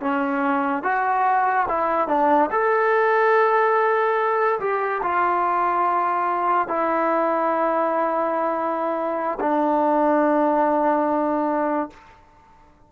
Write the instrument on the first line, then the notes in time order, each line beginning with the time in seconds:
trombone
0.00 C#4
0.83 F#4
1.68 E4
2.08 D4
2.51 A4
4.59 G4
5.03 F4
6.67 E4
9.39 D4